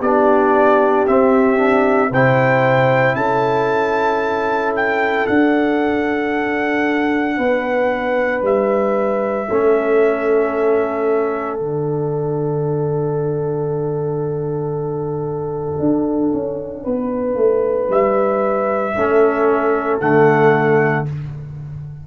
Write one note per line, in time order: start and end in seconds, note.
0.00 1.06 B3
0.00 1.07 D4
0.00 2.10 G4
0.00 1.06 D5
1.07 1.57 C4
1.07 2.11 C4
1.07 2.12 E5
1.57 2.09 D4
2.10 3.15 C3
2.10 5.29 E4
2.10 3.15 C5
2.10 3.15 G5
3.15 5.26 C#4
3.15 7.37 A4
3.15 4.73 A5
4.76 5.27 G5
5.27 7.38 D4
5.27 9.49 D4
5.27 8.43 F#5
7.37 8.42 B3
7.37 9.47 B4
8.42 9.47 G3
8.42 11.57 E5
9.48 11.59 A3
9.48 11.59 C#4
9.48 16.83 A4
11.57 15.79 D3
11.57 18.96 D4
11.57 17.88 F#5
15.79 16.32 D4
16.33 16.86 C#4
16.83 17.36 B3
16.83 18.94 B4
17.36 17.88 A3
17.89 18.94 G3
17.89 20.00 E5
18.96 20.01 A3
18.96 20.00 C#4
18.96 21.07 A4
20.00 21.06 D3
20.00 21.06 A3
20.00 21.05 F#5